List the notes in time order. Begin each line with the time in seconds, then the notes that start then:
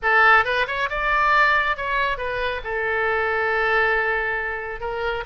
0.02 A4
0.44 B4
0.67 C#5
0.89 D5
1.76 C#5
2.17 B4
2.64 A4
4.80 A#4